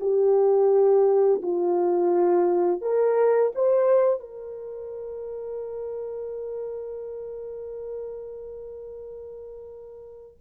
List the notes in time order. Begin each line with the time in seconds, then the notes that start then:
0.00 G4
1.42 F4
2.81 A#4
3.55 C5
4.19 A#4